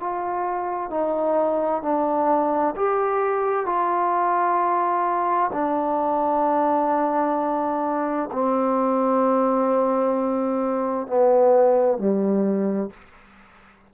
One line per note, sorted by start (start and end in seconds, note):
0.00 0.90 F4
0.90 1.83 D#4
1.83 2.75 D4
2.76 3.66 G4
3.66 5.50 F4
5.53 8.30 D4
8.32 11.07 C4
11.07 11.98 B3
11.98 12.90 G3